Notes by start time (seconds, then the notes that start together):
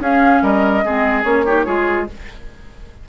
0.00 C#4 G#4 F5
0.42 G3 A#4 D#5
0.85 G#3 C4 G#4
1.24 A#3 C#4 C#5
1.45 D#4 G4
1.66 G#3 F4 G#4